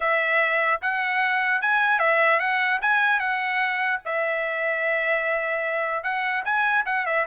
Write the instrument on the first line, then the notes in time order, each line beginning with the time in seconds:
trumpet
0.00 E5
0.81 F#5
1.61 G#5
1.99 E5
2.39 F#5
2.81 G#5
3.19 F#5
4.05 E5
6.03 F#5
6.44 G#5
6.85 F#5
7.06 E5